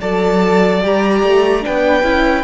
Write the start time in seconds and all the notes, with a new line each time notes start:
0.00 F#3 A4 D5 A5
0.82 G3 G4 A#5
1.23 A3
1.61 D4 B4 G5
1.68 B3
2.03 C#4 E4